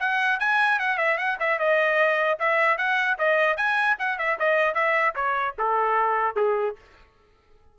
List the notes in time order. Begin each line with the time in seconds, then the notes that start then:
0.00 F#5
0.40 G#5
0.80 F#5
0.98 E5
1.18 F#5
1.40 E5
1.59 D#5
2.40 E5
2.78 F#5
3.19 D#5
3.57 G#5
3.99 F#5
4.19 E5
4.40 D#5
4.75 E5
5.16 C#5
5.59 A4
6.37 G#4